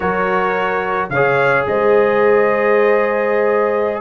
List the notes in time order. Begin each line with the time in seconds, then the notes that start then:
0.00 F#3 F#4 A#4 C#5
1.09 C#3 G#4 C#5 F5
1.67 G#3 C5 D#5